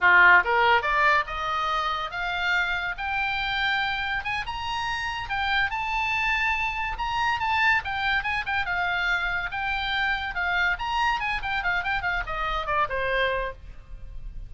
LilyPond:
\new Staff \with { instrumentName = "oboe" } { \time 4/4 \tempo 4 = 142 f'4 ais'4 d''4 dis''4~ | dis''4 f''2 g''4~ | g''2 gis''8 ais''4.~ | ais''8 g''4 a''2~ a''8~ |
a''8 ais''4 a''4 g''4 gis''8 | g''8 f''2 g''4.~ | g''8 f''4 ais''4 gis''8 g''8 f''8 | g''8 f''8 dis''4 d''8 c''4. | }